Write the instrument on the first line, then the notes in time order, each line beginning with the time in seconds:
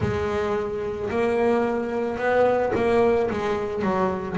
double bass
0.00 G#3
1.10 A#3
2.18 B3
2.75 A#3
3.30 G#3
3.82 F#3